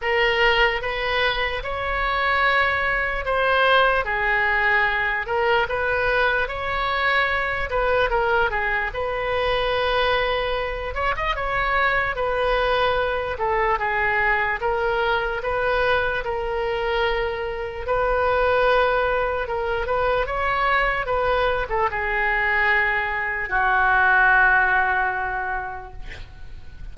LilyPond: \new Staff \with { instrumentName = "oboe" } { \time 4/4 \tempo 4 = 74 ais'4 b'4 cis''2 | c''4 gis'4. ais'8 b'4 | cis''4. b'8 ais'8 gis'8 b'4~ | b'4. cis''16 dis''16 cis''4 b'4~ |
b'8 a'8 gis'4 ais'4 b'4 | ais'2 b'2 | ais'8 b'8 cis''4 b'8. a'16 gis'4~ | gis'4 fis'2. | }